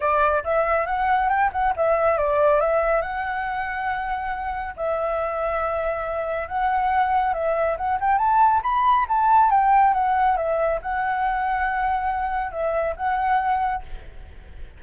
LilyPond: \new Staff \with { instrumentName = "flute" } { \time 4/4 \tempo 4 = 139 d''4 e''4 fis''4 g''8 fis''8 | e''4 d''4 e''4 fis''4~ | fis''2. e''4~ | e''2. fis''4~ |
fis''4 e''4 fis''8 g''8 a''4 | b''4 a''4 g''4 fis''4 | e''4 fis''2.~ | fis''4 e''4 fis''2 | }